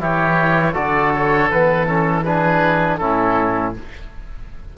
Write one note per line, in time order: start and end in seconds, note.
0.00 0.75 E3
0.00 0.74 E4
0.00 0.73 G4
0.00 0.75 C#5
0.73 1.51 D3
0.73 1.49 F#4
0.73 2.23 A4
0.73 1.12 D5
1.14 1.50 C#5
1.50 3.02 E3
1.50 1.87 B3
1.50 1.87 B4
1.87 2.24 C#4
1.87 2.24 A4
2.24 2.99 D4
2.24 3.00 G#4
2.24 2.97 B4
2.97 3.77 A2
2.97 3.74 C#4
2.97 3.75 E4
2.97 3.72 A4